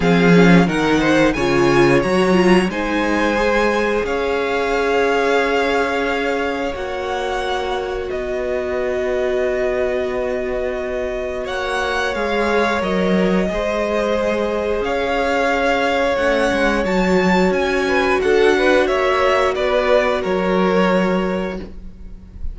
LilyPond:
<<
  \new Staff \with { instrumentName = "violin" } { \time 4/4 \tempo 4 = 89 f''4 fis''4 gis''4 ais''4 | gis''2 f''2~ | f''2 fis''2 | dis''1~ |
dis''4 fis''4 f''4 dis''4~ | dis''2 f''2 | fis''4 a''4 gis''4 fis''4 | e''4 d''4 cis''2 | }
  \new Staff \with { instrumentName = "violin" } { \time 4/4 gis'4 ais'8 c''8 cis''2 | c''2 cis''2~ | cis''1 | b'1~ |
b'4 cis''2. | c''2 cis''2~ | cis''2~ cis''8 b'8 a'8 b'8 | cis''4 b'4 ais'2 | }
  \new Staff \with { instrumentName = "viola" } { \time 4/4 c'8 cis'8 dis'4 f'4 fis'8 f'8 | dis'4 gis'2.~ | gis'2 fis'2~ | fis'1~ |
fis'2 gis'4 ais'4 | gis'1 | cis'4 fis'2.~ | fis'1 | }
  \new Staff \with { instrumentName = "cello" } { \time 4/4 f4 dis4 cis4 fis4 | gis2 cis'2~ | cis'2 ais2 | b1~ |
b4 ais4 gis4 fis4 | gis2 cis'2 | a8 gis8 fis4 cis'4 d'4 | ais4 b4 fis2 | }
>>